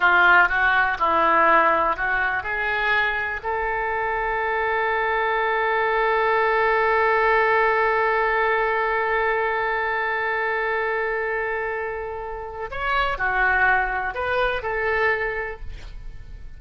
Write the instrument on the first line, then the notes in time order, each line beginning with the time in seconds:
oboe
0.00 F4
0.49 F#4
0.99 E4
1.96 F#4
2.43 G#4
3.43 A4
12.70 C#5
13.18 F#4
14.14 B4
14.62 A4